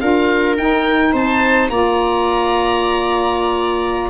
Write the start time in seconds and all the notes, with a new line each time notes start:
0.00 D4 F4 A#4 F5
0.58 D#4 G5
1.13 C4 C5 A5
1.70 A#3 F4 D5 A#5